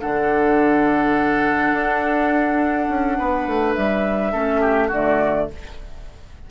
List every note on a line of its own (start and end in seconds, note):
0.00 1.72 D3
0.00 4.32 D4
0.00 3.18 A4
0.00 3.74 F#5
1.72 2.88 D4
2.88 3.17 C#4
3.18 3.47 B3
3.18 4.32 B4
3.47 3.75 A3
3.74 4.34 G3
3.74 4.89 E5
4.32 4.91 A3
4.32 4.90 C#4
4.32 4.60 A4
4.60 4.87 G4
4.87 5.49 D3
4.87 5.49 A3
4.87 5.45 F#4
4.87 5.50 D5